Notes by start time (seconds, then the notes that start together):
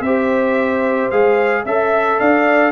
0.00 C4 G4 C5 E5
1.10 G#3 G#4 F5
1.64 C#4 A4 E5
2.18 D4 D5 F5